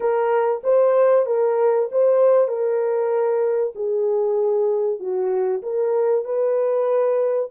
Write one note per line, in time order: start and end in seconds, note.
0.00 0.62 A#4
0.63 1.26 C5
1.26 1.88 A#4
1.91 2.48 C5
2.48 3.73 A#4
3.75 4.99 G#4
4.99 5.62 F#4
5.62 6.24 A#4
6.24 7.49 B4